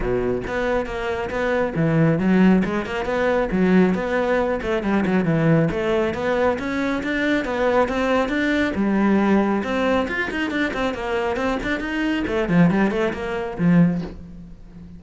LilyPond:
\new Staff \with { instrumentName = "cello" } { \time 4/4 \tempo 4 = 137 b,4 b4 ais4 b4 | e4 fis4 gis8 ais8 b4 | fis4 b4. a8 g8 fis8 | e4 a4 b4 cis'4 |
d'4 b4 c'4 d'4 | g2 c'4 f'8 dis'8 | d'8 c'8 ais4 c'8 d'8 dis'4 | a8 f8 g8 a8 ais4 f4 | }